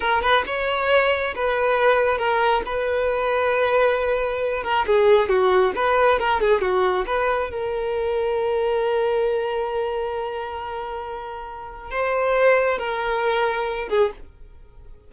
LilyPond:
\new Staff \with { instrumentName = "violin" } { \time 4/4 \tempo 4 = 136 ais'8 b'8 cis''2 b'4~ | b'4 ais'4 b'2~ | b'2~ b'8 ais'8 gis'4 | fis'4 b'4 ais'8 gis'8 fis'4 |
b'4 ais'2.~ | ais'1~ | ais'2. c''4~ | c''4 ais'2~ ais'8 gis'8 | }